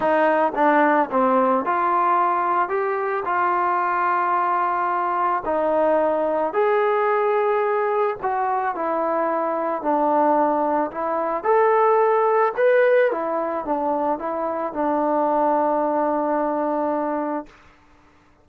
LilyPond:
\new Staff \with { instrumentName = "trombone" } { \time 4/4 \tempo 4 = 110 dis'4 d'4 c'4 f'4~ | f'4 g'4 f'2~ | f'2 dis'2 | gis'2. fis'4 |
e'2 d'2 | e'4 a'2 b'4 | e'4 d'4 e'4 d'4~ | d'1 | }